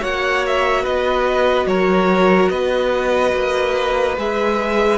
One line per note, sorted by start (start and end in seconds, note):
0.00 0.86 A#3
0.00 4.17 F#4
0.00 0.83 C#5
0.00 0.46 F#5
0.47 0.85 E5
0.83 1.66 B3
0.83 1.66 B4
0.83 1.68 D#5
1.66 2.50 F#3
1.66 2.52 A#4
1.66 2.50 C#5
2.50 3.34 B3
2.50 4.99 B4
2.50 4.16 D#5
3.34 4.18 A#3
4.18 4.99 G#3
4.18 4.99 G#4
4.18 4.99 E5